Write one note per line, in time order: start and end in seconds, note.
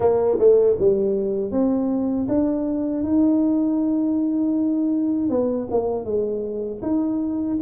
0.00 0.38 A#3
0.38 0.76 A3
0.78 1.51 G3
1.51 2.27 C4
2.28 3.03 D4
3.03 5.29 D#4
5.29 5.67 B3
5.70 6.04 A#3
6.04 6.80 G#3
6.81 7.57 D#4